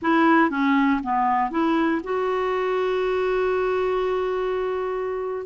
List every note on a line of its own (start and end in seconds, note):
0.01 0.49 E4
0.49 1.00 C#4
1.03 1.50 B3
1.50 2.01 E4
2.03 5.46 F#4